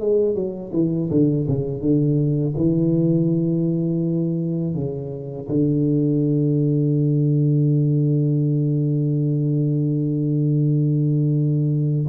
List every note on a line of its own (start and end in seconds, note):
0.00 0.35 G#3
0.35 0.71 F#3
0.73 1.09 E3
1.10 1.47 D3
1.47 1.81 C#3
1.81 2.54 D3
2.57 4.74 E3
4.74 5.47 C#3
5.48 12.06 D3